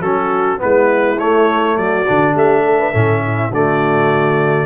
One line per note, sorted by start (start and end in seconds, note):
0.00 0.58 F#3
0.00 0.58 C#4
0.00 0.60 F#4
0.00 0.60 A4
0.58 1.20 G#3
0.58 1.16 B3
0.58 1.78 E4
0.58 1.19 B4
1.18 2.06 A3
1.18 1.77 A3
1.18 1.77 C#5
1.77 2.06 F#3
1.77 2.33 F#4
1.77 2.35 D5
2.06 2.35 D3
2.06 2.93 D4
2.33 2.93 A3
2.33 2.62 G4
2.33 3.54 E5
2.65 2.79 A4
2.79 2.92 B4
2.92 3.51 A2
2.92 3.52 C#4
2.92 3.21 A4
3.23 3.52 E4
3.51 4.65 D3
3.51 4.65 A3
3.51 4.65 F#4
3.51 4.65 D5